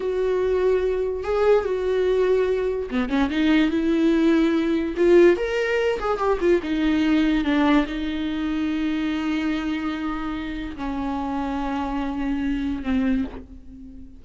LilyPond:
\new Staff \with { instrumentName = "viola" } { \time 4/4 \tempo 4 = 145 fis'2. gis'4 | fis'2. b8 cis'8 | dis'4 e'2. | f'4 ais'4. gis'8 g'8 f'8 |
dis'2 d'4 dis'4~ | dis'1~ | dis'2 cis'2~ | cis'2. c'4 | }